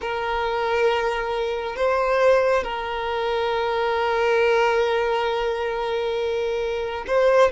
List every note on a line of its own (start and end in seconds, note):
0.01 1.76 A#4
1.76 2.63 C5
2.63 7.04 A#4
7.07 7.51 C5